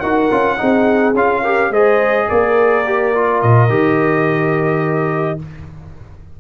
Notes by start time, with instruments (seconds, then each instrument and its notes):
0.00 tuba D#4, trombone F#4, horn A#4, trumpet F#5
0.31 tuba C#4, trombone F4
0.58 tuba C4, trombone D#4, horn G#4
1.14 tuba C#4, trombone F4, trumpet F5
1.42 trombone G4, horn A#4
1.71 tuba G#3, trombone G#4, horn C5, trumpet D#5
2.29 tuba A#3, horn A#4, trumpet D5
2.86 trombone G4
3.15 trombone F4
3.42 tuba A#2, trumpet D#5
3.69 tuba D#3, trombone G4